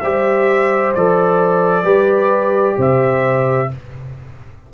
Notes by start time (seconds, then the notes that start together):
0.00 G3 G4 C5 E5
0.94 F3 A4 D5
1.83 G3 G4 B4
2.77 C3 C5 E5